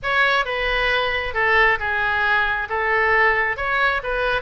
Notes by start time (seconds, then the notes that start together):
0.02 C#5
0.45 B4
1.33 A4
1.79 G#4
2.69 A4
3.57 C#5
4.03 B4